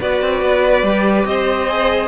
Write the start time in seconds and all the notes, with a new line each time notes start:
0.00 B3 F#4 B4 D5
0.22 C4
0.41 B3
0.83 G3 G4
1.26 C4 C5 D#5
1.68 G#4